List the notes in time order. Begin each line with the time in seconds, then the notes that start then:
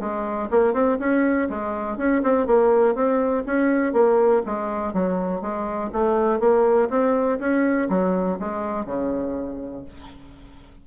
0.00 G#3
0.51 A#3
0.73 C4
0.99 C#4
1.49 G#3
1.98 C#4
2.23 C4
2.47 A#3
2.95 C4
3.46 C#4
3.93 A#3
4.46 G#3
4.94 F#3
5.41 G#3
5.92 A3
6.40 A#3
6.90 C4
7.39 C#4
7.89 F#3
8.39 G#3
8.86 C#3